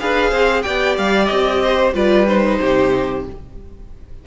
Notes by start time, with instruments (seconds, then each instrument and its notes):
0.00 cello D4, viola G#4, violin B4 F5
0.30 cello C4, violin C5
0.63 cello B3, viola G4, violin D5 G5
0.98 cello G3, violin F5
1.26 cello C4, violin D#5
1.63 violin C5
1.94 cello G3, viola F4, violin B4 D5
2.28 viola D#4, violin C5
2.61 cello C3, violin G4